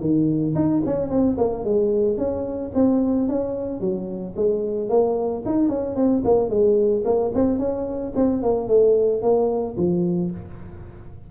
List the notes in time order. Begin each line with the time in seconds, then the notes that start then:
0.00 D#3
0.55 D#4
0.85 C#4
1.10 C4
1.37 A#3
1.64 G#3
2.17 C#4
2.74 C4
3.28 C#4
3.80 F#3
4.35 G#3
4.89 A#3
5.45 D#4
5.68 C#4
5.95 C4
6.24 A#3
6.49 G#3
7.04 A#3
7.34 C4
7.58 C#4
8.15 C4
8.42 A#3
8.68 A3
9.22 A#3
9.76 F3